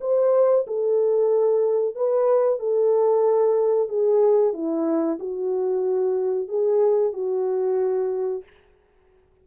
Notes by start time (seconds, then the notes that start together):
0.00 C5
0.67 A4
1.95 B4
2.59 A4
3.88 G#4
4.53 E4
5.19 F#4
6.48 G#4
7.13 F#4